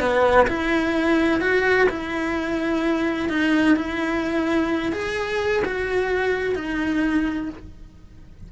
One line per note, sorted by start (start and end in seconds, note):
0.00 0.47 B3
0.47 1.41 E4
1.41 1.88 F#4
1.89 3.29 E4
3.29 3.76 D#4
3.76 4.92 E4
4.92 5.62 G#4
5.65 6.55 F#4
6.55 7.49 D#4